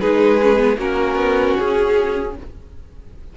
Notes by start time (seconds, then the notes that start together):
0.00 G#3 D#4 G#4 B4
0.42 C#4
0.58 B3
0.78 A#3 C#4 F#4 A#4
1.16 B3
1.59 C#4 G#4